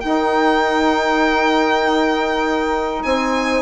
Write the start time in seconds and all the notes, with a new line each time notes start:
0.00 D#4 A#4 G5
3.02 C4 C5 G#5